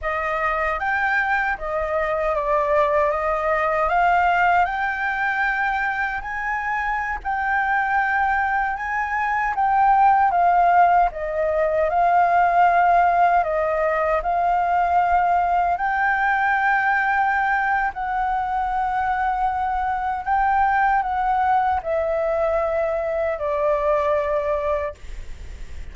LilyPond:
\new Staff \with { instrumentName = "flute" } { \time 4/4 \tempo 4 = 77 dis''4 g''4 dis''4 d''4 | dis''4 f''4 g''2 | gis''4~ gis''16 g''2 gis''8.~ | gis''16 g''4 f''4 dis''4 f''8.~ |
f''4~ f''16 dis''4 f''4.~ f''16~ | f''16 g''2~ g''8. fis''4~ | fis''2 g''4 fis''4 | e''2 d''2 | }